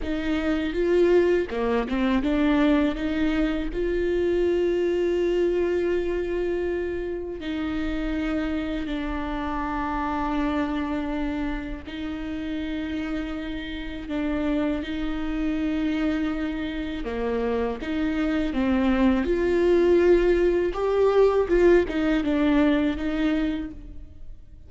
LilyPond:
\new Staff \with { instrumentName = "viola" } { \time 4/4 \tempo 4 = 81 dis'4 f'4 ais8 c'8 d'4 | dis'4 f'2.~ | f'2 dis'2 | d'1 |
dis'2. d'4 | dis'2. ais4 | dis'4 c'4 f'2 | g'4 f'8 dis'8 d'4 dis'4 | }